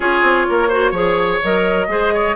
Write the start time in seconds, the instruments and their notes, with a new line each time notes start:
0.00 bassoon C#4, clarinet F4, oboe G#4, flute C#5
0.22 bassoon C4
0.49 bassoon A#3, oboe A#4
0.68 clarinet F#4, oboe C5
0.91 bassoon F3, clarinet G#4, oboe C#5
1.42 bassoon F#3, clarinet A#4, flute D#5
1.87 bassoon G#3, clarinet G#4, oboe C5
2.13 oboe C#5